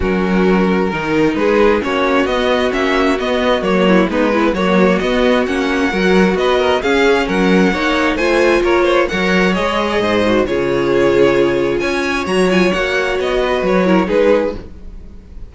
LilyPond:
<<
  \new Staff \with { instrumentName = "violin" } { \time 4/4 \tempo 4 = 132 ais'2. b'4 | cis''4 dis''4 e''4 dis''4 | cis''4 b'4 cis''4 dis''4 | fis''2 dis''4 f''4 |
fis''2 gis''4 cis''4 | fis''4 dis''2 cis''4~ | cis''2 gis''4 ais''8 gis''8 | fis''4 dis''4 cis''4 b'4 | }
  \new Staff \with { instrumentName = "violin" } { \time 4/4 fis'2 ais'4 gis'4 | fis'1~ | fis'8 e'8 dis'8 b8 fis'2~ | fis'4 ais'4 b'8 ais'8 gis'4 |
ais'4 cis''4 c''4 ais'8 c''8 | cis''2 c''4 gis'4~ | gis'2 cis''2~ | cis''4. b'4 ais'8 gis'4 | }
  \new Staff \with { instrumentName = "viola" } { \time 4/4 cis'2 dis'2 | cis'4 b4 cis'4 b4 | ais4 b8 e'8 ais4 b4 | cis'4 fis'2 cis'4~ |
cis'4 dis'4 f'2 | ais'4 gis'4. fis'8 f'4~ | f'2. fis'8 f'8 | fis'2~ fis'8 e'8 dis'4 | }
  \new Staff \with { instrumentName = "cello" } { \time 4/4 fis2 dis4 gis4 | ais4 b4 ais4 b4 | fis4 gis4 fis4 b4 | ais4 fis4 b4 cis'4 |
fis4 ais4 a4 ais4 | fis4 gis4 gis,4 cis4~ | cis2 cis'4 fis4 | ais4 b4 fis4 gis4 | }
>>